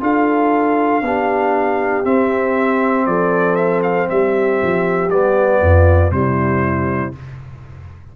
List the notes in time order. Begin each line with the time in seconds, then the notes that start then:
0.00 D4 F4 A4 F5
1.02 B3 D4 G4
2.04 C4 E5
3.06 F3 A4 D5
3.55 E5
3.82 F5
4.09 G3 G4 E5
4.62 F3
5.09 G3 B3 D5
5.60 F2 F4
6.11 C3 G3 E4 C5